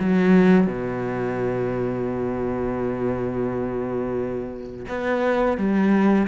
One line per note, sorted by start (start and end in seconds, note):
0.00 0.67 F#3
0.67 4.86 B2
4.89 5.58 B3
5.58 6.28 G3